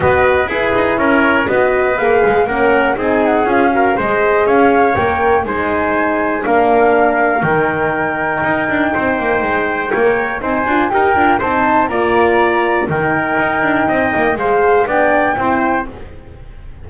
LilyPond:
<<
  \new Staff \with { instrumentName = "flute" } { \time 4/4 \tempo 4 = 121 dis''4 b'4 cis''4 dis''4 | f''4 fis''4 gis''8 fis''8 f''4 | dis''4 f''4 g''4 gis''4~ | gis''4 f''2 g''4~ |
g''1~ | g''4 gis''4 g''4 a''4 | ais''2 g''2~ | g''4 f''4 g''2 | }
  \new Staff \with { instrumentName = "trumpet" } { \time 4/4 b'4 gis'4 ais'4 b'4~ | b'4 ais'4 gis'4. ais'8 | c''4 cis''2 c''4~ | c''4 ais'2.~ |
ais'2 c''2 | cis''4 c''4 ais'4 c''4 | d''2 ais'2 | dis''4 c''4 d''4 c''4 | }
  \new Staff \with { instrumentName = "horn" } { \time 4/4 fis'4 e'2 fis'4 | gis'4 cis'4 dis'4 f'8 fis'8 | gis'2 ais'4 dis'4~ | dis'4 d'2 dis'4~ |
dis'1 | ais'4 dis'8 f'8 g'8 f'8 dis'4 | f'2 dis'2~ | dis'4 gis'4 d'4 e'4 | }
  \new Staff \with { instrumentName = "double bass" } { \time 4/4 b4 e'8 dis'8 cis'4 b4 | ais8 gis8 ais4 c'4 cis'4 | gis4 cis'4 ais4 gis4~ | gis4 ais2 dis4~ |
dis4 dis'8 d'8 c'8 ais8 gis4 | ais4 c'8 d'8 dis'8 d'8 c'4 | ais2 dis4 dis'8 d'8 | c'8 ais8 gis4 b4 c'4 | }
>>